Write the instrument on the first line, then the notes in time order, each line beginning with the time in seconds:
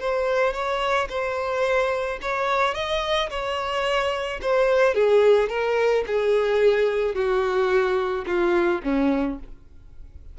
violin
0.00 C5
0.53 C#5
1.09 C5
2.22 C#5
2.74 D#5
3.30 C#5
4.41 C5
4.94 G#4
5.49 A#4
6.07 G#4
7.15 F#4
8.26 F4
8.83 C#4